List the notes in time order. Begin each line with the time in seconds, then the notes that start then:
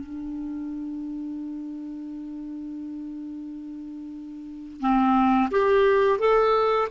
0.00 D4
4.81 C4
5.51 G4
6.19 A4